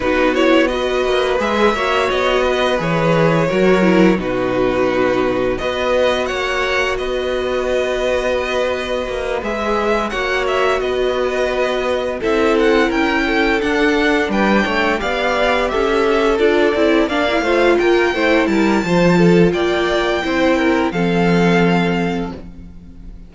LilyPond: <<
  \new Staff \with { instrumentName = "violin" } { \time 4/4 \tempo 4 = 86 b'8 cis''8 dis''4 e''4 dis''4 | cis''2 b'2 | dis''4 fis''4 dis''2~ | dis''4. e''4 fis''8 e''8 dis''8~ |
dis''4. e''8 fis''8 g''4 fis''8~ | fis''8 g''4 f''4 e''4 d''8~ | d''8 f''4 g''4 a''4. | g''2 f''2 | }
  \new Staff \with { instrumentName = "violin" } { \time 4/4 fis'4 b'4. cis''4 b'8~ | b'4 ais'4 fis'2 | b'4 cis''4 b'2~ | b'2~ b'8 cis''4 b'8~ |
b'4. a'4 ais'8 a'4~ | a'8 b'8 cis''8 d''4 a'4.~ | a'8 d''8 c''8 ais'8 c''8 ais'8 c''8 a'8 | d''4 c''8 ais'8 a'2 | }
  \new Staff \with { instrumentName = "viola" } { \time 4/4 dis'8 e'8 fis'4 gis'8 fis'4. | gis'4 fis'8 e'8 dis'2 | fis'1~ | fis'4. gis'4 fis'4.~ |
fis'4. e'2 d'8~ | d'4. g'2 f'8 | e'8 d'16 e'16 f'4 e'4 f'4~ | f'4 e'4 c'2 | }
  \new Staff \with { instrumentName = "cello" } { \time 4/4 b4. ais8 gis8 ais8 b4 | e4 fis4 b,2 | b4 ais4 b2~ | b4 ais8 gis4 ais4 b8~ |
b4. c'4 cis'4 d'8~ | d'8 g8 a8 b4 cis'4 d'8 | c'8 ais8 a8 ais8 a8 g8 f4 | ais4 c'4 f2 | }
>>